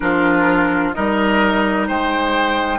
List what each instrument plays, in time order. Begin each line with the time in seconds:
0.00 bassoon F3, clarinet D4, oboe F4, flute A#4
0.93 bassoon G3, clarinet D#4, oboe A#4, flute D#5
1.87 bassoon G#3, oboe C5, flute G5